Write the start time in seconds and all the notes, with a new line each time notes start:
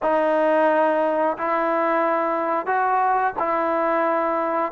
0.02 D#4
1.37 E4
2.66 F#4
3.38 E4